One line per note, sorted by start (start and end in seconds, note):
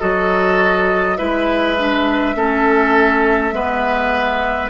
0.00 1.20 F#3
0.00 1.18 F#4
0.00 1.18 A4
0.00 1.17 D#5
1.17 2.35 G#3
1.17 1.76 E4
1.17 2.36 B4
1.17 4.70 E5
1.78 2.35 D4
2.35 3.52 A3
2.35 3.53 C#4
2.35 3.54 A4
3.52 4.70 G#3
3.52 4.70 B3
3.52 4.70 B4